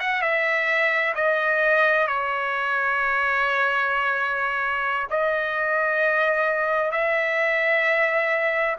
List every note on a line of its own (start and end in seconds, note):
0.00 0.22 F#5
0.22 1.14 E5
1.15 2.07 D#5
2.07 5.07 C#5
5.10 6.91 D#5
6.91 8.76 E5